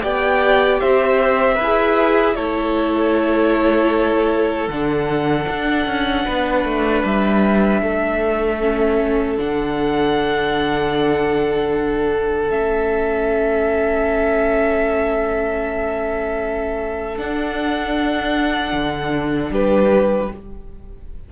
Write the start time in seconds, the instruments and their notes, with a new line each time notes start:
0.00 cello B3, viola G4, violin D5 G5
0.80 cello C4, violin C5 E5
1.55 cello E4, violin B4
1.63 viola G#4
2.35 cello A3, viola E4, violin A4 C#5
4.68 cello D3, viola D4, violin F#5
5.48 cello D4
5.86 cello C#4
6.25 cello B3, violin B4
6.64 cello A3
7.04 cello G3, violin E5
7.82 cello A3, violin A4
8.60 viola C#4
9.37 cello D3, viola D4, violin F#5
12.50 cello A3, viola C#4, violin E5
17.16 viola D4, cello D4, violin F#5
18.72 cello D3
19.50 cello G3, violin G4 B4